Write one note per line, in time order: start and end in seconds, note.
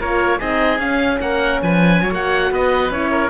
0.00 0.41 A#3
0.00 0.39 F4
0.00 0.39 A#4
0.00 0.40 C#5
0.39 0.79 C4
0.39 0.79 D#4
0.39 1.19 G#4
0.39 0.80 D#5
0.79 1.19 C#4
0.79 2.10 C#4
0.79 1.20 F5
1.21 1.61 A#3
1.21 1.62 A#4
1.21 1.61 F#5
1.63 2.02 F3
1.63 2.03 B4
1.63 2.13 G#5
2.02 2.11 F#3
2.02 2.52 C#5
2.11 2.51 A#3
2.11 2.92 F#4
2.11 2.54 F#5
2.51 2.90 B3
2.51 3.11 B4
2.51 2.92 D#5
2.90 3.30 C#4
2.90 3.30 E4
2.90 3.30 C#5
3.11 3.30 A#4